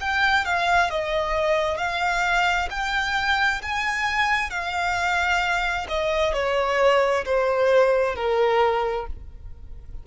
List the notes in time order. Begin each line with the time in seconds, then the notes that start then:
0.00 G5
0.45 F5
0.90 D#5
1.77 F5
2.70 G5
3.62 G#5
4.50 F5
5.88 D#5
6.33 C#5
7.24 C5
8.15 A#4